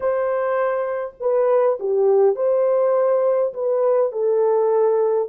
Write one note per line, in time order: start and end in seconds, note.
0.00 1.15 C5
1.20 1.79 B4
1.79 2.35 G4
2.35 3.53 C5
3.53 4.12 B4
4.12 5.28 A4